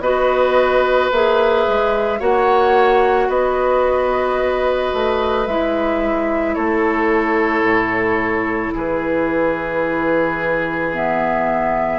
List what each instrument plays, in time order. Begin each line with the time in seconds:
0.00 bassoon B3, clarinet F#4, oboe B4, flute D#5
1.12 bassoon A#3, clarinet G#4, flute E5
1.68 bassoon G#3
2.20 bassoon A#3, clarinet F#4, oboe C#5, flute F#5
3.28 bassoon B3, oboe B4, flute D#5
4.94 bassoon A3
5.47 bassoon G#3, clarinet E4, flute E5
6.55 bassoon A3, oboe A4, flute C#5
7.62 bassoon A2
8.75 bassoon E3, oboe G#4, flute B4
10.94 clarinet B3, flute E5